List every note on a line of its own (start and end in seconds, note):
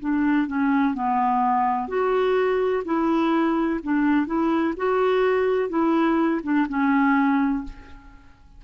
0.00 0.48 D4
0.48 0.94 C#4
0.94 1.88 B3
1.88 2.84 F#4
2.85 3.81 E4
3.84 4.27 D4
4.27 4.74 E4
4.77 5.70 F#4
5.70 6.41 E4
6.43 6.67 D4
6.69 7.64 C#4